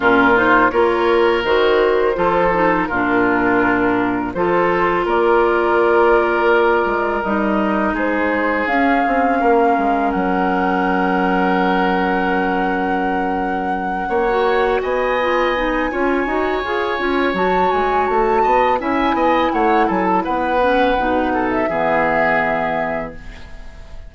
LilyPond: <<
  \new Staff \with { instrumentName = "flute" } { \time 4/4 \tempo 4 = 83 ais'8 c''8 cis''4 c''2 | ais'2 c''4 d''4~ | d''2 dis''4 c''4 | f''2 fis''2~ |
fis''1~ | fis''8 gis''2.~ gis''8 | a''8 gis''8 a''4 gis''4 fis''8 gis''16 a''16 | fis''4.~ fis''16 e''2~ e''16 | }
  \new Staff \with { instrumentName = "oboe" } { \time 4/4 f'4 ais'2 a'4 | f'2 a'4 ais'4~ | ais'2. gis'4~ | gis'4 ais'2.~ |
ais'2.~ ais'8 cis''8~ | cis''8 dis''4. cis''2~ | cis''4. dis''8 e''8 dis''8 cis''8 a'8 | b'4. a'8 gis'2 | }
  \new Staff \with { instrumentName = "clarinet" } { \time 4/4 cis'8 dis'8 f'4 fis'4 f'8 dis'8 | d'2 f'2~ | f'2 dis'2 | cis'1~ |
cis'2.~ cis'8. fis'16~ | fis'4 f'8 dis'8 f'8 fis'8 gis'8 f'8 | fis'2 e'2~ | e'8 cis'8 dis'4 b2 | }
  \new Staff \with { instrumentName = "bassoon" } { \time 4/4 ais,4 ais4 dis4 f4 | ais,2 f4 ais4~ | ais4. gis8 g4 gis4 | cis'8 c'8 ais8 gis8 fis2~ |
fis2.~ fis8 ais8~ | ais8 b4. cis'8 dis'8 f'8 cis'8 | fis8 gis8 a8 b8 cis'8 b8 a8 fis8 | b4 b,4 e2 | }
>>